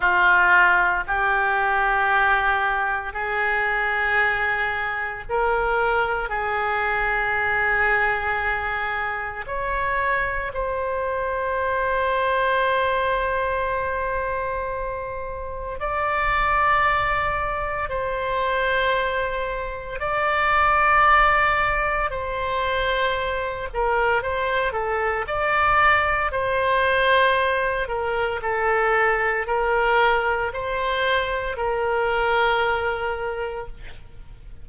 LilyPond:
\new Staff \with { instrumentName = "oboe" } { \time 4/4 \tempo 4 = 57 f'4 g'2 gis'4~ | gis'4 ais'4 gis'2~ | gis'4 cis''4 c''2~ | c''2. d''4~ |
d''4 c''2 d''4~ | d''4 c''4. ais'8 c''8 a'8 | d''4 c''4. ais'8 a'4 | ais'4 c''4 ais'2 | }